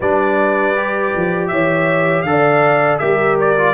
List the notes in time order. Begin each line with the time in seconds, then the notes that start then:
0.00 G3 D4 B4 D5
0.76 G4
1.15 F3
1.47 E3 C#5 E5
2.22 D3 A4 F5
2.29 D5
2.99 G3 G4 A#4 E5
3.40 D5
3.56 F4